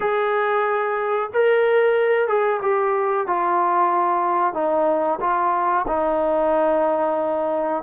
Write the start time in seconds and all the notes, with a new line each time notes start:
0.00 G#4
1.33 A#4
2.28 G#4
2.61 G4
3.26 F4
4.53 D#4
5.20 F4
5.87 D#4